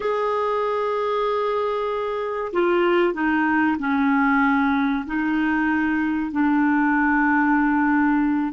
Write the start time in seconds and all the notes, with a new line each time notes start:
0.00 G#4
2.52 F4
3.13 D#4
3.78 C#4
5.06 D#4
6.31 D4